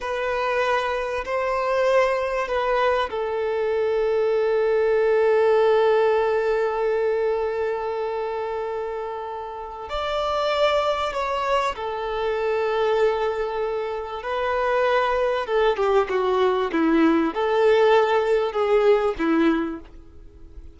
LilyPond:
\new Staff \with { instrumentName = "violin" } { \time 4/4 \tempo 4 = 97 b'2 c''2 | b'4 a'2.~ | a'1~ | a'1 |
d''2 cis''4 a'4~ | a'2. b'4~ | b'4 a'8 g'8 fis'4 e'4 | a'2 gis'4 e'4 | }